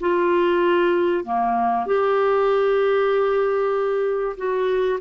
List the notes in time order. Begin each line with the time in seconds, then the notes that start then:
0.00 F4
1.24 A#3
1.86 G4
4.37 F#4